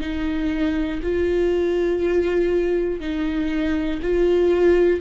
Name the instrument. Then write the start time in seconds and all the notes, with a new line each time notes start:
viola
0.00 D#4
1.02 F4
3.00 D#4
4.02 F4